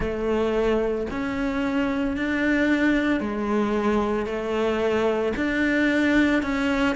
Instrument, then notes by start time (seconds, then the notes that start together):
cello
0.00 A3
1.10 C#4
2.17 D4
3.20 G#3
4.26 A3
5.36 D4
6.42 C#4